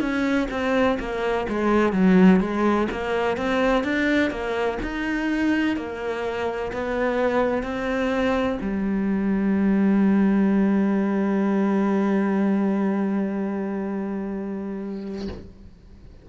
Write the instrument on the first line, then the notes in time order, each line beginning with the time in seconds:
cello
0.00 C#4
0.51 C4
0.99 A#3
1.48 G#3
1.93 F#3
2.40 G#3
2.91 A#3
3.37 C4
3.84 D4
4.30 A#3
4.82 D#4
5.76 A#3
6.72 B3
7.63 C4
8.61 G3